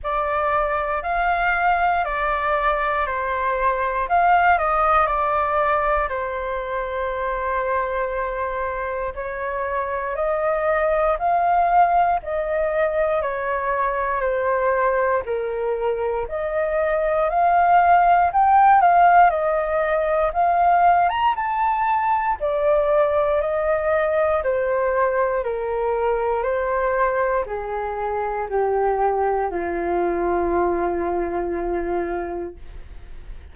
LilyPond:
\new Staff \with { instrumentName = "flute" } { \time 4/4 \tempo 4 = 59 d''4 f''4 d''4 c''4 | f''8 dis''8 d''4 c''2~ | c''4 cis''4 dis''4 f''4 | dis''4 cis''4 c''4 ais'4 |
dis''4 f''4 g''8 f''8 dis''4 | f''8. ais''16 a''4 d''4 dis''4 | c''4 ais'4 c''4 gis'4 | g'4 f'2. | }